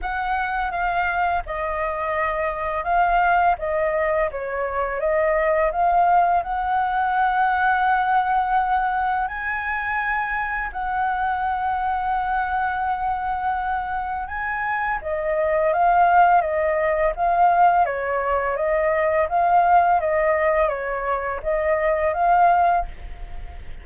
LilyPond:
\new Staff \with { instrumentName = "flute" } { \time 4/4 \tempo 4 = 84 fis''4 f''4 dis''2 | f''4 dis''4 cis''4 dis''4 | f''4 fis''2.~ | fis''4 gis''2 fis''4~ |
fis''1 | gis''4 dis''4 f''4 dis''4 | f''4 cis''4 dis''4 f''4 | dis''4 cis''4 dis''4 f''4 | }